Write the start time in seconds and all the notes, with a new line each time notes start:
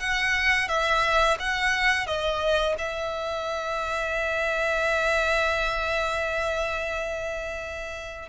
0.00 F#5
0.69 E5
1.39 F#5
2.07 D#5
2.79 E5